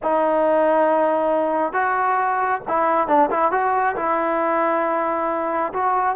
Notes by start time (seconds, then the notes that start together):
0.02 D#4
1.72 F#4
2.68 E4
3.07 D4
3.30 E4
3.51 F#4
3.96 E4
5.73 F#4